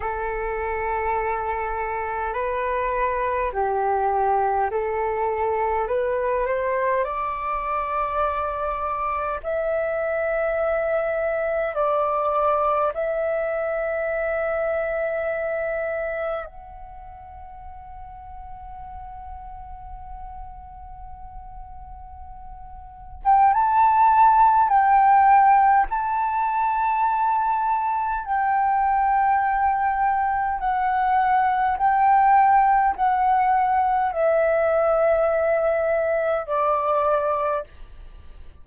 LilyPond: \new Staff \with { instrumentName = "flute" } { \time 4/4 \tempo 4 = 51 a'2 b'4 g'4 | a'4 b'8 c''8 d''2 | e''2 d''4 e''4~ | e''2 fis''2~ |
fis''2.~ fis''8. g''16 | a''4 g''4 a''2 | g''2 fis''4 g''4 | fis''4 e''2 d''4 | }